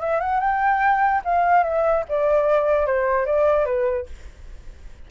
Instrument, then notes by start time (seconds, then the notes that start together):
flute
0.00 E5
0.20 F#5
0.40 G5
1.24 F5
1.63 E5
2.08 D5
2.86 C5
3.26 D5
3.65 B4